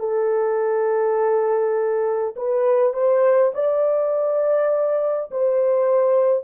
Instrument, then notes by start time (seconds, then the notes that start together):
horn
0.00 A4
2.36 B4
2.94 C5
3.55 D5
5.32 C5